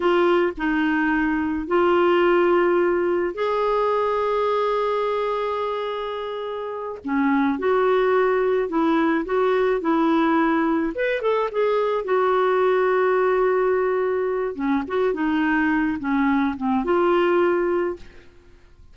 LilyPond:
\new Staff \with { instrumentName = "clarinet" } { \time 4/4 \tempo 4 = 107 f'4 dis'2 f'4~ | f'2 gis'2~ | gis'1~ | gis'8 cis'4 fis'2 e'8~ |
e'8 fis'4 e'2 b'8 | a'8 gis'4 fis'2~ fis'8~ | fis'2 cis'8 fis'8 dis'4~ | dis'8 cis'4 c'8 f'2 | }